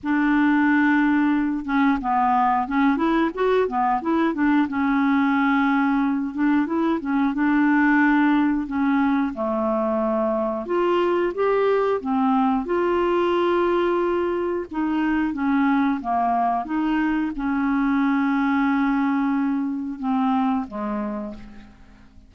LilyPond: \new Staff \with { instrumentName = "clarinet" } { \time 4/4 \tempo 4 = 90 d'2~ d'8 cis'8 b4 | cis'8 e'8 fis'8 b8 e'8 d'8 cis'4~ | cis'4. d'8 e'8 cis'8 d'4~ | d'4 cis'4 a2 |
f'4 g'4 c'4 f'4~ | f'2 dis'4 cis'4 | ais4 dis'4 cis'2~ | cis'2 c'4 gis4 | }